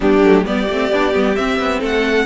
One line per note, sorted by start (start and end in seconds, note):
0.00 0.22 G3
0.00 0.23 B3
0.00 0.44 D4
0.00 0.46 G4
0.22 0.45 F#3
0.22 0.45 A3
0.45 0.68 G3
0.45 0.68 B3
0.45 1.79 G4
0.45 1.35 D5
0.69 0.91 A3
0.69 0.93 C4
0.91 1.14 B3
0.91 1.13 D4
1.13 1.38 G3
1.13 1.36 B3
1.35 2.26 C4
1.35 1.59 C4
1.35 1.81 E5
1.59 1.81 B3
1.79 2.26 A3
1.79 2.25 A4
1.79 2.26 F#5